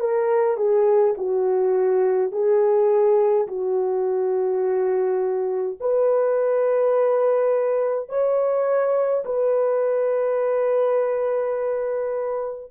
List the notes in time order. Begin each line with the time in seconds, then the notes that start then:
0.00 A#4
0.57 G#4
1.17 F#4
2.32 G#4
3.48 F#4
5.81 B4
8.09 C#5
9.25 B4